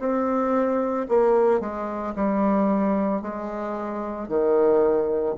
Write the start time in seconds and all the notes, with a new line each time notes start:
0.00 C4
1.09 A#3
1.61 G#3
2.16 G3
3.22 G#3
4.29 D#3